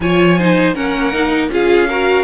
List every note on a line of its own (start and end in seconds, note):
0.00 0.75 F3
0.00 0.39 F4
0.00 0.38 C#5
0.00 0.75 G#5
0.38 0.74 D#4
0.38 0.74 C5
0.74 1.49 A#3
0.74 1.12 C#4
0.74 1.49 A#4
0.74 1.50 F#5
1.12 1.50 D#4
1.49 2.23 C#4
1.49 1.88 F4
1.49 1.88 G#4
1.49 2.23 F5
1.88 2.23 F#4
1.88 2.23 A#4